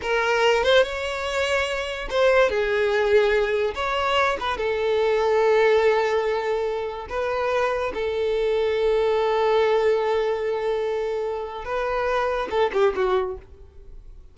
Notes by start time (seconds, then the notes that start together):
0.02 A#4
0.63 C5
0.83 C#5
2.09 C5
2.49 G#4
3.74 C#5
4.40 B4
4.57 A4
7.09 B4
7.94 A4
11.64 B4
12.50 A4
12.73 G4
12.95 F#4